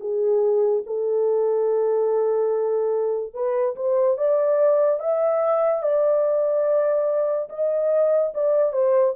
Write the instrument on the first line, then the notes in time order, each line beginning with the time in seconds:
horn
0.00 G#4
0.86 A4
3.34 B4
3.75 C5
4.17 D5
5.00 E5
5.82 D5
7.49 D#5
8.34 D5
8.72 C5